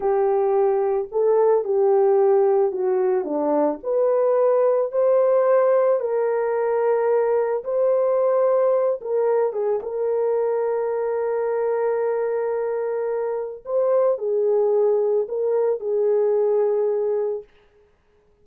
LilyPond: \new Staff \with { instrumentName = "horn" } { \time 4/4 \tempo 4 = 110 g'2 a'4 g'4~ | g'4 fis'4 d'4 b'4~ | b'4 c''2 ais'4~ | ais'2 c''2~ |
c''8 ais'4 gis'8 ais'2~ | ais'1~ | ais'4 c''4 gis'2 | ais'4 gis'2. | }